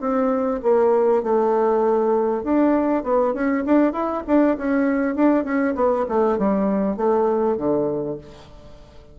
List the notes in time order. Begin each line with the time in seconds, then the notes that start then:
0.00 C4
0.63 A#3
1.23 A3
2.44 D4
3.04 B3
3.34 C#4
3.65 D4
3.93 E4
4.27 D4
4.57 C#4
5.15 D4
5.44 C#4
5.75 B3
6.09 A3
6.38 G3
6.96 A3
7.57 D3